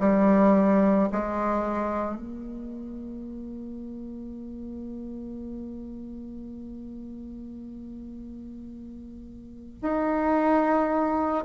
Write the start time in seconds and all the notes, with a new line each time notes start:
0.00 G3
1.12 G#3
2.16 A#3
9.82 D#4